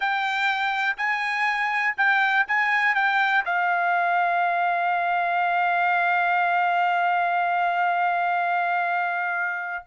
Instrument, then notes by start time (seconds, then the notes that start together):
trumpet
0.00 G5
0.97 G#5
1.97 G5
2.47 G#5
2.95 G5
3.45 F5